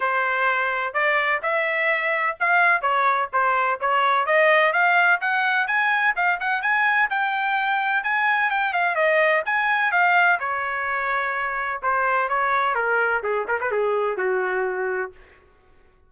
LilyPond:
\new Staff \with { instrumentName = "trumpet" } { \time 4/4 \tempo 4 = 127 c''2 d''4 e''4~ | e''4 f''4 cis''4 c''4 | cis''4 dis''4 f''4 fis''4 | gis''4 f''8 fis''8 gis''4 g''4~ |
g''4 gis''4 g''8 f''8 dis''4 | gis''4 f''4 cis''2~ | cis''4 c''4 cis''4 ais'4 | gis'8 ais'16 b'16 gis'4 fis'2 | }